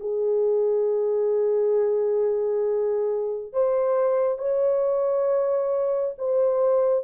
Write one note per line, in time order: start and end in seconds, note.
0.00 3.53 G#4
3.53 4.38 C5
4.38 6.15 C#5
6.18 7.04 C5